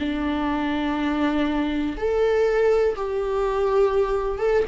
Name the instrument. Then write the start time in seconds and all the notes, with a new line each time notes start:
viola
0.00 D4
1.98 A4
2.96 G4
4.39 A4